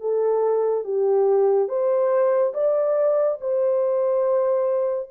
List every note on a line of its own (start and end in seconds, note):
0.00 0.84 A4
0.84 1.68 G4
1.68 2.53 C5
2.54 3.38 D5
3.40 5.09 C5